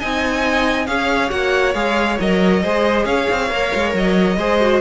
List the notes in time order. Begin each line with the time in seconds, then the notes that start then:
0.00 C4 D#4 D#5 G#5
0.87 C#4 G#4 C#5 F5
1.30 A#3 F#4 F#5
1.75 G#3 G#4 F5
2.20 F#3 A#4 D#5
2.63 G#3 G#4 C5
3.05 C#4 C#5 F5
3.31 C4
3.50 A#3 A#4
3.75 G#3
3.94 F#3 D#5
4.37 G#3 G#4 C5
4.60 F#4